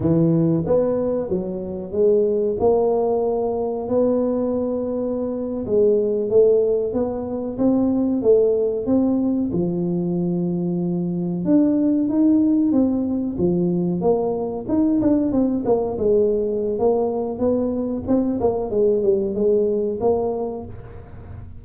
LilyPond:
\new Staff \with { instrumentName = "tuba" } { \time 4/4 \tempo 4 = 93 e4 b4 fis4 gis4 | ais2 b2~ | b8. gis4 a4 b4 c'16~ | c'8. a4 c'4 f4~ f16~ |
f4.~ f16 d'4 dis'4 c'16~ | c'8. f4 ais4 dis'8 d'8 c'16~ | c'16 ais8 gis4~ gis16 ais4 b4 | c'8 ais8 gis8 g8 gis4 ais4 | }